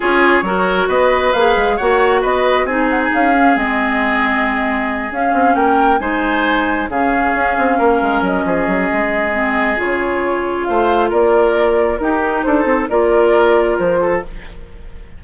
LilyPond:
<<
  \new Staff \with { instrumentName = "flute" } { \time 4/4 \tempo 4 = 135 cis''2 dis''4 f''4 | fis''4 dis''4 gis''8 fis''16 gis''16 f''4 | dis''2.~ dis''8 f''8~ | f''8 g''4 gis''2 f''8~ |
f''2~ f''8 dis''4.~ | dis''2 cis''2 | f''4 d''2 ais'4 | c''4 d''2 c''4 | }
  \new Staff \with { instrumentName = "oboe" } { \time 4/4 gis'4 ais'4 b'2 | cis''4 b'4 gis'2~ | gis'1~ | gis'8 ais'4 c''2 gis'8~ |
gis'4. ais'4. gis'4~ | gis'1 | c''4 ais'2 g'4 | a'4 ais'2~ ais'8 a'8 | }
  \new Staff \with { instrumentName = "clarinet" } { \time 4/4 f'4 fis'2 gis'4 | fis'2 dis'4. cis'8 | c'2.~ c'8 cis'8~ | cis'4. dis'2 cis'8~ |
cis'1~ | cis'4 c'4 f'2~ | f'2. dis'4~ | dis'4 f'2. | }
  \new Staff \with { instrumentName = "bassoon" } { \time 4/4 cis'4 fis4 b4 ais8 gis8 | ais4 b4 c'4 cis'4 | gis2.~ gis8 cis'8 | c'8 ais4 gis2 cis8~ |
cis8 cis'8 c'8 ais8 gis8 fis8 f8 fis8 | gis2 cis2 | a4 ais2 dis'4 | d'8 c'8 ais2 f4 | }
>>